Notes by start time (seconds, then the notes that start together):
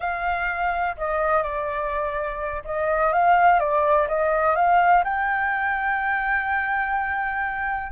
0.00 F5
0.97 D#5
1.42 D5
2.64 D#5
3.12 F5
3.59 D5
4.08 D#5
4.55 F5
5.04 G5